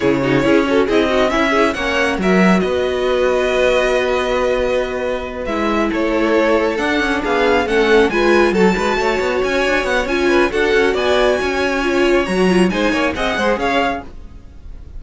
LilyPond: <<
  \new Staff \with { instrumentName = "violin" } { \time 4/4 \tempo 4 = 137 cis''2 dis''4 e''4 | fis''4 e''4 dis''2~ | dis''1~ | dis''8 e''4 cis''2 fis''8~ |
fis''8 f''4 fis''4 gis''4 a''8~ | a''4. gis''4 fis''8 gis''4 | fis''4 gis''2. | ais''4 gis''4 fis''4 f''4 | }
  \new Staff \with { instrumentName = "violin" } { \time 4/4 gis'8 fis'8 gis'8 a'8 gis'8 fis'8 e'8 gis'8 | cis''4 ais'4 b'2~ | b'1~ | b'4. a'2~ a'8~ |
a'8 gis'4 a'4 b'4 a'8 | b'8 cis''2. b'8 | a'4 d''4 cis''2~ | cis''4 c''8 cis''8 dis''8 c''8 cis''4 | }
  \new Staff \with { instrumentName = "viola" } { \time 4/4 e'8 dis'8 e'8 fis'8 e'8 dis'8 cis'8 e'8 | cis'4 fis'2.~ | fis'1~ | fis'8 e'2. d'8~ |
d'4. cis'4 f'4 fis'8~ | fis'2. f'4 | fis'2. f'4 | fis'8 f'8 dis'4 gis'2 | }
  \new Staff \with { instrumentName = "cello" } { \time 4/4 cis4 cis'4 c'4 cis'4 | ais4 fis4 b2~ | b1~ | b8 gis4 a2 d'8 |
cis'8 b4 a4 gis4 fis8 | gis8 a8 b8 cis'8 d'8 b8 cis'4 | d'8 cis'8 b4 cis'2 | fis4 gis8 ais8 c'8 gis8 cis'4 | }
>>